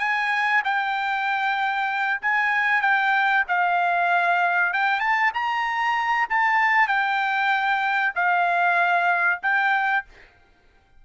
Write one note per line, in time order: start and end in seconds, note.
0.00 0.62 G#5
0.64 2.21 G5
2.22 2.82 G#5
2.82 3.44 G5
3.48 4.73 F5
4.74 5.00 G5
5.00 5.32 A5
5.34 6.28 A#5
6.30 6.88 A5
6.88 8.13 G5
8.15 9.40 F5
9.43 10.05 G5